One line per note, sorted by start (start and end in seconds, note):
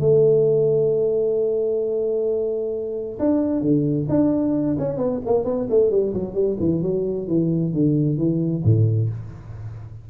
0.00 3.18 A3
3.19 3.61 D4
3.61 4.07 D3
4.09 4.77 D4
4.79 4.97 C#4
4.97 5.20 B3
5.26 5.44 A#3
5.44 5.67 B3
5.70 5.90 A3
5.90 6.13 G3
6.14 6.34 F#3
6.34 6.57 G3
6.60 6.82 E3
6.82 7.27 F#3
7.27 7.73 E3
7.73 8.18 D3
8.18 8.63 E3
8.64 9.09 A2